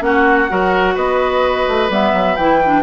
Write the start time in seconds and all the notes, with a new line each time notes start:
0.00 A#3 C#4 F#4 F#5
0.48 F#3 F#4 A#4
0.94 B3 B4 D#5
1.68 A3
1.89 G3 B3 E5
2.13 F#3
2.36 E3 E4 G5
2.64 D4